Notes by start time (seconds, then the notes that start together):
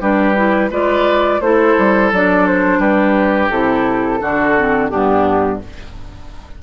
0.00 G3 D4 G4 B4
0.35 E4
0.70 G#3 F4 B4 D5
1.40 A3 E4 A4 C5
1.78 G3
2.11 F#3 D4 D5
2.47 C5
2.78 G3 G4 B4
3.49 C3 E4 A4
4.20 D3 D4 F#4
4.57 C4
4.89 G2 B3 D4 G4